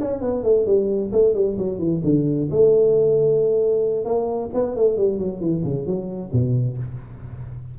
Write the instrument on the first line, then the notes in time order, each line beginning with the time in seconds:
tuba
0.00 C#4
0.21 B3
0.43 A3
0.66 G3
1.12 A3
1.34 G3
1.58 F#3
1.78 E3
2.03 D3
2.50 A3
4.05 A#3
4.54 B3
4.76 A3
4.97 G3
5.18 F#3
5.40 E3
5.64 C#3
5.86 F#3
6.32 B2